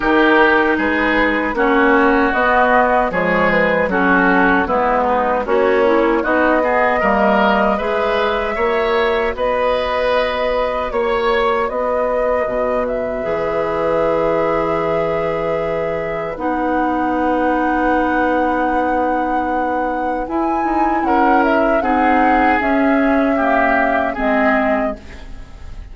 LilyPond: <<
  \new Staff \with { instrumentName = "flute" } { \time 4/4 \tempo 4 = 77 ais'4 b'4 cis''4 dis''4 | cis''8 b'8 a'4 b'4 cis''4 | dis''2 e''2 | dis''2 cis''4 dis''4~ |
dis''8 e''2.~ e''8~ | e''4 fis''2.~ | fis''2 gis''4 fis''8 e''8 | fis''4 e''2 dis''4 | }
  \new Staff \with { instrumentName = "oboe" } { \time 4/4 g'4 gis'4 fis'2 | gis'4 fis'4 e'8 dis'8 cis'4 | fis'8 gis'8 ais'4 b'4 cis''4 | b'2 cis''4 b'4~ |
b'1~ | b'1~ | b'2. ais'4 | gis'2 g'4 gis'4 | }
  \new Staff \with { instrumentName = "clarinet" } { \time 4/4 dis'2 cis'4 b4 | gis4 cis'4 b4 fis'8 e'8 | dis'8 b8 ais4 gis'4 fis'4~ | fis'1~ |
fis'4 gis'2.~ | gis'4 dis'2.~ | dis'2 e'2 | dis'4 cis'4 ais4 c'4 | }
  \new Staff \with { instrumentName = "bassoon" } { \time 4/4 dis4 gis4 ais4 b4 | f4 fis4 gis4 ais4 | b4 g4 gis4 ais4 | b2 ais4 b4 |
b,4 e2.~ | e4 b2.~ | b2 e'8 dis'8 cis'4 | c'4 cis'2 gis4 | }
>>